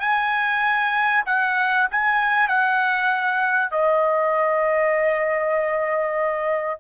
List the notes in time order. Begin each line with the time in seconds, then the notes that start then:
0.00 G#5
1.26 F#5
1.91 G#5
2.48 F#5
3.71 D#5